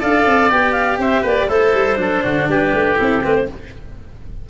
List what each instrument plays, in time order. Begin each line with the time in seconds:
0.00 tuba D4, cello A4, oboe D5, clarinet F5
0.26 tuba C4
0.50 tuba B3, cello G4, clarinet G5
0.72 clarinet F5
0.98 tuba C4, oboe C5, clarinet E5
1.22 tuba A#3, oboe B4, clarinet D5
1.49 tuba A3, oboe E4, cello A4, clarinet C5
1.74 tuba G3
1.96 tuba F#3, cello D4, oboe A4
2.24 tuba D3, oboe F#4
2.49 tuba G3, oboe G4, clarinet B4
2.74 tuba A3
2.96 tuba C4, cello E4, clarinet A4
3.24 tuba A3, cello C4, clarinet B4
3.35 clarinet C5